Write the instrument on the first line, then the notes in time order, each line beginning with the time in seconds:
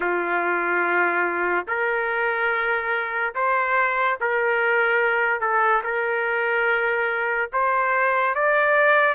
trumpet
0.00 F4
1.67 A#4
3.34 C5
4.20 A#4
5.40 A4
5.83 A#4
7.52 C5
8.34 D5